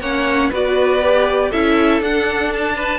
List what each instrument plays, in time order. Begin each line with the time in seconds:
0.00 cello A#3, viola C#4, violin C#5 F#5
0.50 cello B3, viola F#4, violin B4 D5
1.03 viola G4
1.49 cello C#4, viola E4, violin A4 E5
2.00 cello D4, viola D4, violin F#5
2.53 violin A5
2.75 violin B4